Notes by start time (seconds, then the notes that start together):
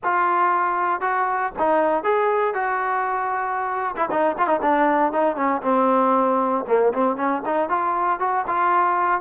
0.03 F4
1.00 F#4
1.58 D#4
2.03 G#4
2.54 F#4
3.96 E4
4.10 D#4
4.38 F4
4.47 D#4
4.62 D4
5.12 D#4
5.35 C#4
5.62 C4
6.67 A#3
6.93 C4
7.16 C#4
7.45 D#4
7.69 F4
8.19 F#4
8.47 F4